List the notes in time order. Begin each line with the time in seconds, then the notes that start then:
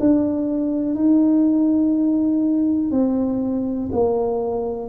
0.00 D4
0.95 D#4
2.91 C4
3.92 A#3